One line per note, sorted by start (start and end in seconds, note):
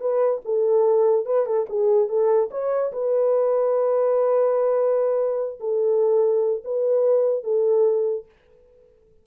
0.00 0.41 B4
0.44 1.26 A4
1.26 1.46 B4
1.46 1.66 A4
1.69 2.08 G#4
2.08 2.50 A4
2.51 2.92 C#5
2.92 5.59 B4
5.60 6.63 A4
6.64 7.43 B4
7.43 8.25 A4